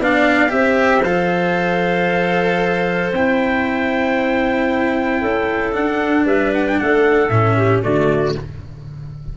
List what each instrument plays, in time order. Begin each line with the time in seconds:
0.00 tuba B3, cello D4, clarinet D5, trumpet F5
0.49 tuba C4, cello G4, clarinet C5, trumpet E5
1.04 tuba F3, cello A4, trumpet F5
3.13 tuba C4, cello E4, trumpet G5
5.22 tuba C#4, clarinet A4
5.73 cello D4, tuba D4, trumpet F#5
6.26 tuba G3, clarinet B4, trumpet E5
6.55 trumpet F#5
6.68 trumpet G5
6.80 tuba A3, clarinet A4, trumpet F#5
7.30 tuba A2, cello C#4, trumpet E5
7.58 clarinet G4
7.83 tuba D3, cello A3, clarinet F#4, trumpet D5